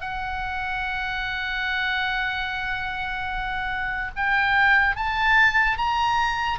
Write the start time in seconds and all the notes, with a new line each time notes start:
0.00 F#5
4.15 G5
4.95 A5
5.77 A#5